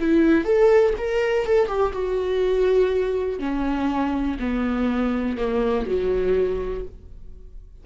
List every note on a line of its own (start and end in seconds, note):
0.00 0.45 E4
0.45 0.94 A4
0.98 1.46 A#4
1.46 1.68 A4
1.68 1.92 G4
1.93 3.39 F#4
3.39 4.38 C#4
4.39 5.38 B3
5.38 5.87 A#3
5.87 6.85 F#3